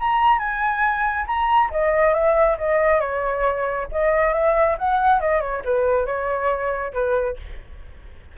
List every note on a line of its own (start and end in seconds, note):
0.00 0.39 A#5
0.39 1.26 G#5
1.27 1.71 A#5
1.71 2.14 D#5
2.14 2.58 E5
2.58 3.01 D#5
3.01 3.88 C#5
3.92 4.34 D#5
4.34 4.77 E5
4.78 5.20 F#5
5.20 5.41 D#5
5.41 5.63 C#5
5.65 6.06 B4
6.06 6.93 C#5
6.93 7.37 B4